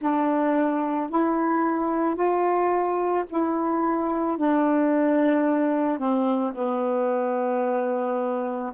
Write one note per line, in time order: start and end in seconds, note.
0.00 1.10 D4
1.10 2.15 E4
2.15 3.24 F4
3.29 4.37 E4
4.37 5.98 D4
5.98 6.53 C4
6.54 8.72 B3